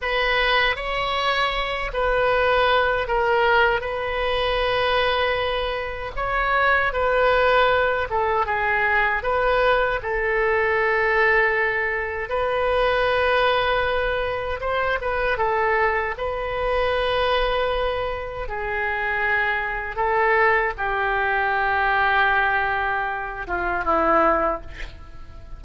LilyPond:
\new Staff \with { instrumentName = "oboe" } { \time 4/4 \tempo 4 = 78 b'4 cis''4. b'4. | ais'4 b'2. | cis''4 b'4. a'8 gis'4 | b'4 a'2. |
b'2. c''8 b'8 | a'4 b'2. | gis'2 a'4 g'4~ | g'2~ g'8 f'8 e'4 | }